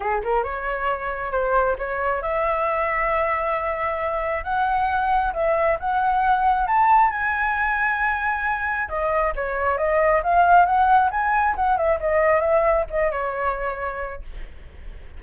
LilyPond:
\new Staff \with { instrumentName = "flute" } { \time 4/4 \tempo 4 = 135 gis'8 ais'8 cis''2 c''4 | cis''4 e''2.~ | e''2 fis''2 | e''4 fis''2 a''4 |
gis''1 | dis''4 cis''4 dis''4 f''4 | fis''4 gis''4 fis''8 e''8 dis''4 | e''4 dis''8 cis''2~ cis''8 | }